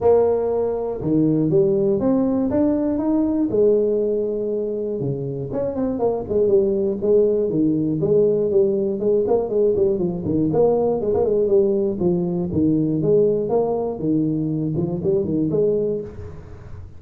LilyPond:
\new Staff \with { instrumentName = "tuba" } { \time 4/4 \tempo 4 = 120 ais2 dis4 g4 | c'4 d'4 dis'4 gis4~ | gis2 cis4 cis'8 c'8 | ais8 gis8 g4 gis4 dis4 |
gis4 g4 gis8 ais8 gis8 g8 | f8 dis8 ais4 gis16 ais16 gis8 g4 | f4 dis4 gis4 ais4 | dis4. f8 g8 dis8 gis4 | }